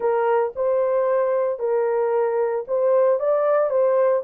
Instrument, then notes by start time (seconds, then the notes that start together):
horn
0.00 A#4
0.55 C5
1.59 A#4
2.67 C5
3.19 D5
3.70 C5